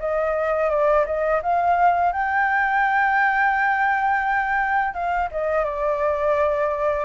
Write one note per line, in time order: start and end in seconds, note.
0.00 0.70 D#5
0.70 1.06 D5
1.06 1.41 D#5
1.43 2.13 F5
2.13 4.94 G5
4.94 5.30 F5
5.32 5.65 D#5
5.65 7.06 D5